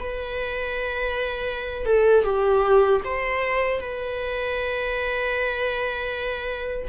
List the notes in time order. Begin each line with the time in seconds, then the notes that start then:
0.00 B4
1.86 A4
2.24 G4
3.05 C5
3.80 B4